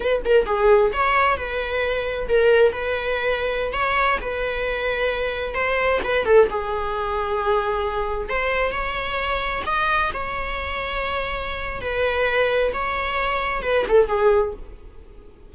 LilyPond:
\new Staff \with { instrumentName = "viola" } { \time 4/4 \tempo 4 = 132 b'8 ais'8 gis'4 cis''4 b'4~ | b'4 ais'4 b'2~ | b'16 cis''4 b'2~ b'8.~ | b'16 c''4 b'8 a'8 gis'4.~ gis'16~ |
gis'2~ gis'16 c''4 cis''8.~ | cis''4~ cis''16 dis''4 cis''4.~ cis''16~ | cis''2 b'2 | cis''2 b'8 a'8 gis'4 | }